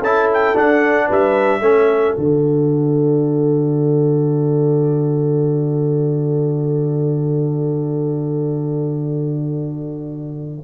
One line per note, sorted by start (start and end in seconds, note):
0.00 0.54 C#4
0.00 0.54 E4
0.00 1.06 A4
0.00 0.30 A5
0.33 0.57 G5
0.54 1.61 D4
0.54 1.10 D4
0.54 1.10 F#5
1.07 1.60 G3
1.07 1.61 B4
1.07 2.17 E5
1.60 2.13 A3
1.60 2.16 C#4
1.60 10.63 A4
2.16 10.63 D3
2.16 10.63 F#4
2.16 10.63 D5